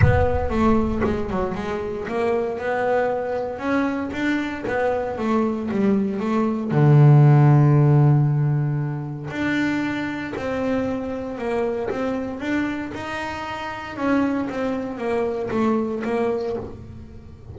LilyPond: \new Staff \with { instrumentName = "double bass" } { \time 4/4 \tempo 4 = 116 b4 a4 gis8 fis8 gis4 | ais4 b2 cis'4 | d'4 b4 a4 g4 | a4 d2.~ |
d2 d'2 | c'2 ais4 c'4 | d'4 dis'2 cis'4 | c'4 ais4 a4 ais4 | }